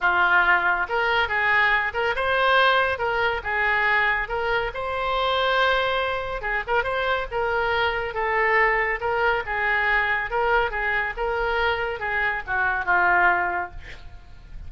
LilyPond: \new Staff \with { instrumentName = "oboe" } { \time 4/4 \tempo 4 = 140 f'2 ais'4 gis'4~ | gis'8 ais'8 c''2 ais'4 | gis'2 ais'4 c''4~ | c''2. gis'8 ais'8 |
c''4 ais'2 a'4~ | a'4 ais'4 gis'2 | ais'4 gis'4 ais'2 | gis'4 fis'4 f'2 | }